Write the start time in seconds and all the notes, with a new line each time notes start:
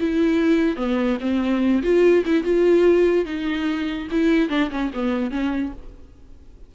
0.00 E4
0.76 B3
1.21 C4
1.83 F4
2.26 E4
2.44 F4
3.25 D#4
4.11 E4
4.49 D4
4.71 C#4
4.94 B3
5.31 C#4